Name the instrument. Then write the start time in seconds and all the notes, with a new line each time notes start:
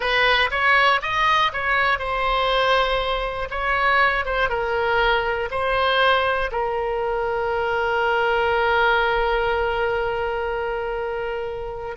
oboe
0.00 B4
0.50 C#5
1.01 D#5
1.52 C#5
1.98 C5
3.50 C#5
4.25 C5
4.49 A#4
5.50 C5
6.51 A#4